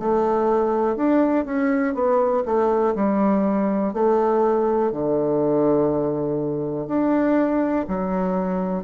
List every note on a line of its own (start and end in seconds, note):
0.00 0.97 A3
0.97 1.45 D4
1.45 1.94 C#4
1.94 2.44 B3
2.46 2.95 A3
2.96 3.94 G3
3.94 4.92 A3
4.92 6.88 D3
6.88 7.86 D4
7.89 8.84 F#3